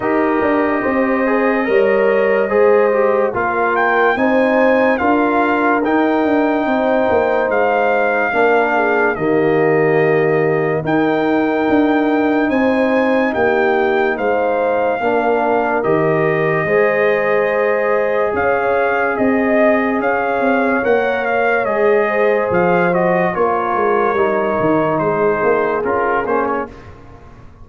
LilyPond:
<<
  \new Staff \with { instrumentName = "trumpet" } { \time 4/4 \tempo 4 = 72 dis''1 | f''8 g''8 gis''4 f''4 g''4~ | g''4 f''2 dis''4~ | dis''4 g''2 gis''4 |
g''4 f''2 dis''4~ | dis''2 f''4 dis''4 | f''4 fis''8 f''8 dis''4 f''8 dis''8 | cis''2 c''4 ais'8 c''16 cis''16 | }
  \new Staff \with { instrumentName = "horn" } { \time 4/4 ais'4 c''4 cis''4 c''4 | ais'4 c''4 ais'2 | c''2 ais'8 gis'8 g'4~ | g'4 ais'2 c''4 |
g'4 c''4 ais'2 | c''2 cis''4 dis''4 | cis''2~ cis''8 c''4. | ais'2 gis'2 | }
  \new Staff \with { instrumentName = "trombone" } { \time 4/4 g'4. gis'8 ais'4 gis'8 g'8 | f'4 dis'4 f'4 dis'4~ | dis'2 d'4 ais4~ | ais4 dis'2.~ |
dis'2 d'4 g'4 | gis'1~ | gis'4 ais'4 gis'4. fis'8 | f'4 dis'2 f'8 cis'8 | }
  \new Staff \with { instrumentName = "tuba" } { \time 4/4 dis'8 d'8 c'4 g4 gis4 | ais4 c'4 d'4 dis'8 d'8 | c'8 ais8 gis4 ais4 dis4~ | dis4 dis'4 d'4 c'4 |
ais4 gis4 ais4 dis4 | gis2 cis'4 c'4 | cis'8 c'8 ais4 gis4 f4 | ais8 gis8 g8 dis8 gis8 ais8 cis'8 ais8 | }
>>